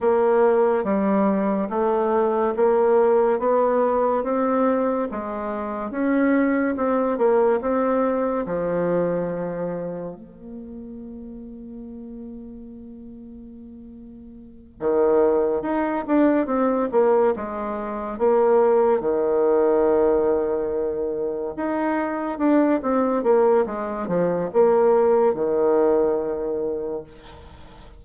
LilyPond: \new Staff \with { instrumentName = "bassoon" } { \time 4/4 \tempo 4 = 71 ais4 g4 a4 ais4 | b4 c'4 gis4 cis'4 | c'8 ais8 c'4 f2 | ais1~ |
ais4. dis4 dis'8 d'8 c'8 | ais8 gis4 ais4 dis4.~ | dis4. dis'4 d'8 c'8 ais8 | gis8 f8 ais4 dis2 | }